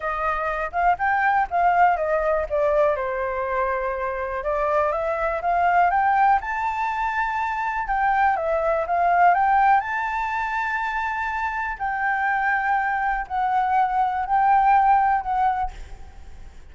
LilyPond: \new Staff \with { instrumentName = "flute" } { \time 4/4 \tempo 4 = 122 dis''4. f''8 g''4 f''4 | dis''4 d''4 c''2~ | c''4 d''4 e''4 f''4 | g''4 a''2. |
g''4 e''4 f''4 g''4 | a''1 | g''2. fis''4~ | fis''4 g''2 fis''4 | }